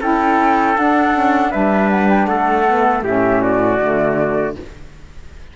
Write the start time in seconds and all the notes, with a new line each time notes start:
0.00 C#4 E4 A4 G5
0.76 D4 F#5
1.13 C#4
1.51 G3 D4 B4 E5
1.90 F#5
2.10 G5
2.26 A3 A4 F#5
2.66 B3
3.03 A2 C#4 G4 E5
3.42 F#4 D5
3.78 D3 A3